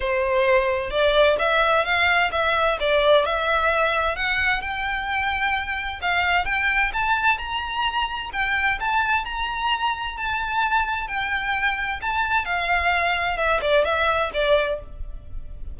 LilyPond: \new Staff \with { instrumentName = "violin" } { \time 4/4 \tempo 4 = 130 c''2 d''4 e''4 | f''4 e''4 d''4 e''4~ | e''4 fis''4 g''2~ | g''4 f''4 g''4 a''4 |
ais''2 g''4 a''4 | ais''2 a''2 | g''2 a''4 f''4~ | f''4 e''8 d''8 e''4 d''4 | }